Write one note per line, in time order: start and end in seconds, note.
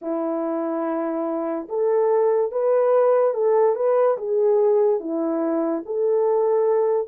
0.01 1.68 E4
1.68 2.52 A4
2.52 3.34 B4
3.34 3.75 A4
3.75 4.17 B4
4.17 5.00 G#4
5.00 5.83 E4
5.85 7.07 A4